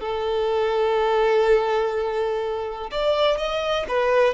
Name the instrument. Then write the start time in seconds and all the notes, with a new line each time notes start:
violin
0.00 A4
2.91 D5
3.37 D#5
3.88 B4